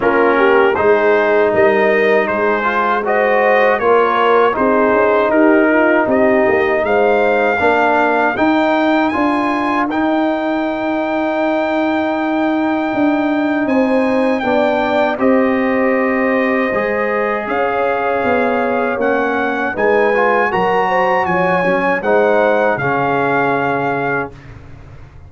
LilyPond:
<<
  \new Staff \with { instrumentName = "trumpet" } { \time 4/4 \tempo 4 = 79 ais'4 c''4 dis''4 c''4 | dis''4 cis''4 c''4 ais'4 | dis''4 f''2 g''4 | gis''4 g''2.~ |
g''2 gis''4 g''4 | dis''2. f''4~ | f''4 fis''4 gis''4 ais''4 | gis''4 fis''4 f''2 | }
  \new Staff \with { instrumentName = "horn" } { \time 4/4 f'8 g'8 gis'4 ais'4 gis'4 | c''4 ais'4 gis'4 g'8 f'8 | g'4 c''4 ais'2~ | ais'1~ |
ais'2 c''4 d''4 | c''2. cis''4~ | cis''2 b'4 ais'8 c''8 | cis''4 c''4 gis'2 | }
  \new Staff \with { instrumentName = "trombone" } { \time 4/4 cis'4 dis'2~ dis'8 f'8 | fis'4 f'4 dis'2~ | dis'2 d'4 dis'4 | f'4 dis'2.~ |
dis'2. d'4 | g'2 gis'2~ | gis'4 cis'4 dis'8 f'8 fis'4~ | fis'8 cis'8 dis'4 cis'2 | }
  \new Staff \with { instrumentName = "tuba" } { \time 4/4 ais4 gis4 g4 gis4~ | gis4 ais4 c'8 cis'8 dis'4 | c'8 ais8 gis4 ais4 dis'4 | d'4 dis'2.~ |
dis'4 d'4 c'4 b4 | c'2 gis4 cis'4 | b4 ais4 gis4 fis4 | f8 fis8 gis4 cis2 | }
>>